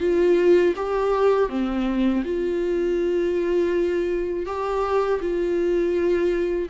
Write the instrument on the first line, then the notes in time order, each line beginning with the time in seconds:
viola
0.00 F4
0.76 G4
1.49 C4
2.25 F4
4.46 G4
5.21 F4